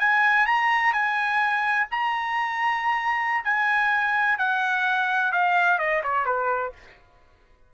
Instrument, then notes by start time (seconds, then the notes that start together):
trumpet
0.00 G#5
0.46 A#5
0.93 G#5
1.91 A#5
3.44 G#5
4.38 F#5
5.32 F5
5.79 D#5
6.03 C#5
6.26 B4